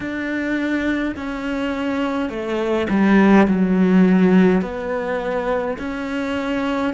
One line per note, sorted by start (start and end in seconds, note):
0.00 1.15 D4
1.15 2.29 C#4
2.29 2.87 A3
2.89 3.47 G3
3.47 4.62 F#3
4.62 5.77 B3
5.78 6.93 C#4